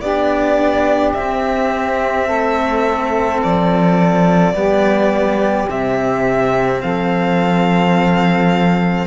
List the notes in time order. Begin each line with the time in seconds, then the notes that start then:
0.00 B3 D4 G4 D5
1.13 C4 E5
2.26 A3 A4
3.42 F3 D5
4.53 G3 B3 G4
5.68 C3 C4 E5
6.81 F3 A4 F5